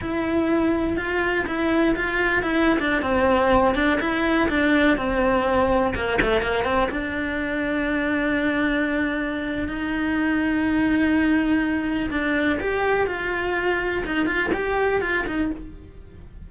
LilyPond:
\new Staff \with { instrumentName = "cello" } { \time 4/4 \tempo 4 = 124 e'2 f'4 e'4 | f'4 e'8. d'8 c'4. d'16~ | d'16 e'4 d'4 c'4.~ c'16~ | c'16 ais8 a8 ais8 c'8 d'4.~ d'16~ |
d'1 | dis'1~ | dis'4 d'4 g'4 f'4~ | f'4 dis'8 f'8 g'4 f'8 dis'8 | }